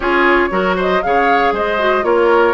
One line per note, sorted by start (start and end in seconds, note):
0.00 0.49 C#4
0.00 0.50 F4
0.00 0.49 G#4
0.00 0.77 C#5
0.50 1.02 F#3
0.50 1.01 F#4
0.50 0.76 A#4
0.76 1.01 C5
0.76 1.02 D#5
1.02 1.52 C#3
1.02 1.78 G#4
1.02 1.53 C#5
1.02 1.53 F5
1.52 2.03 G#3
1.52 2.05 C5
1.52 2.04 D#5
1.78 2.03 F#4
2.03 2.54 A#3
2.03 2.54 F4
2.03 2.54 A#4
2.03 2.54 C#5